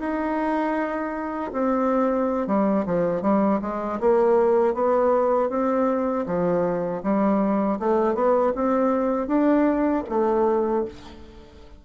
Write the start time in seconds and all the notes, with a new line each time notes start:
0.00 D#4
1.53 C4
2.48 G3
2.86 F3
3.22 G3
3.62 G#3
4.01 A#3
4.75 B3
5.50 C4
6.27 F3
7.04 G3
7.80 A3
8.15 B3
8.56 C4
9.28 D4
10.09 A3